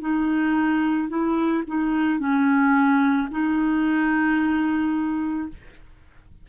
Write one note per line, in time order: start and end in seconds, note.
0.00 1.08 D#4
1.08 1.63 E4
1.67 2.19 D#4
2.19 3.28 C#4
3.30 5.48 D#4